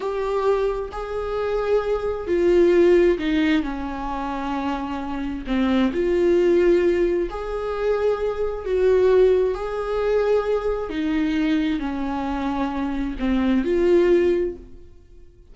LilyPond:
\new Staff \with { instrumentName = "viola" } { \time 4/4 \tempo 4 = 132 g'2 gis'2~ | gis'4 f'2 dis'4 | cis'1 | c'4 f'2. |
gis'2. fis'4~ | fis'4 gis'2. | dis'2 cis'2~ | cis'4 c'4 f'2 | }